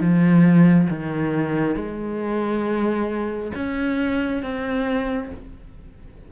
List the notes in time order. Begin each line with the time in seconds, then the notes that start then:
0.00 F3
0.90 D#3
1.76 G#3
3.55 C#4
4.43 C4